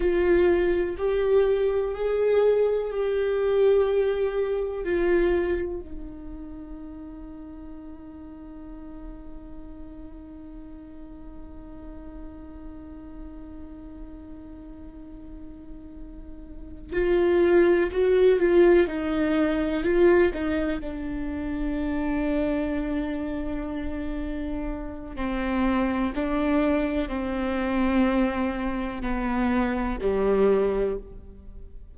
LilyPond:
\new Staff \with { instrumentName = "viola" } { \time 4/4 \tempo 4 = 62 f'4 g'4 gis'4 g'4~ | g'4 f'4 dis'2~ | dis'1~ | dis'1~ |
dis'4. f'4 fis'8 f'8 dis'8~ | dis'8 f'8 dis'8 d'2~ d'8~ | d'2 c'4 d'4 | c'2 b4 g4 | }